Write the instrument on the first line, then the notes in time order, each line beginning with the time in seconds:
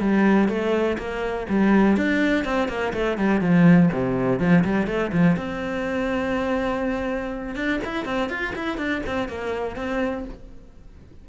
cello
0.00 G3
0.48 A3
0.98 A#3
1.49 G3
1.97 D4
2.45 C4
2.69 A#3
2.94 A3
3.18 G3
3.41 F3
3.92 C3
4.40 F3
4.65 G3
4.87 A3
5.12 F3
5.36 C4
7.55 D4
7.85 E4
8.06 C4
8.30 F4
8.55 E4
8.78 D4
9.06 C4
9.29 A#3
9.76 C4